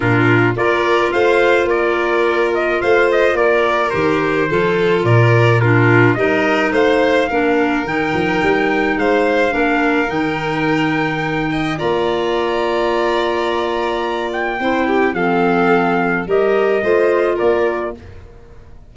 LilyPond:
<<
  \new Staff \with { instrumentName = "trumpet" } { \time 4/4 \tempo 4 = 107 ais'4 d''4 f''4 d''4~ | d''8 dis''8 f''8 dis''8 d''4 c''4~ | c''4 d''4 ais'4 dis''4 | f''2 g''2 |
f''2 g''2~ | g''4 ais''2.~ | ais''4. g''4. f''4~ | f''4 dis''2 d''4 | }
  \new Staff \with { instrumentName = "violin" } { \time 4/4 f'4 ais'4 c''4 ais'4~ | ais'4 c''4 ais'2 | a'4 ais'4 f'4 ais'4 | c''4 ais'2. |
c''4 ais'2.~ | ais'8 dis''8 d''2.~ | d''2 c''8 g'8 a'4~ | a'4 ais'4 c''4 ais'4 | }
  \new Staff \with { instrumentName = "clarinet" } { \time 4/4 d'4 f'2.~ | f'2. g'4 | f'2 d'4 dis'4~ | dis'4 d'4 dis'2~ |
dis'4 d'4 dis'2~ | dis'4 f'2.~ | f'2 e'4 c'4~ | c'4 g'4 f'2 | }
  \new Staff \with { instrumentName = "tuba" } { \time 4/4 ais,4 ais4 a4 ais4~ | ais4 a4 ais4 dis4 | f4 ais,2 g4 | a4 ais4 dis8 f8 g4 |
gis4 ais4 dis2~ | dis4 ais2.~ | ais2 c'4 f4~ | f4 g4 a4 ais4 | }
>>